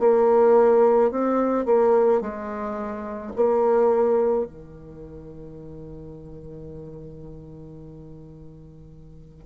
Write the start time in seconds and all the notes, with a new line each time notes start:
0.00 A#3
1.11 C4
1.65 A#3
2.21 G#3
3.36 A#3
4.45 D#3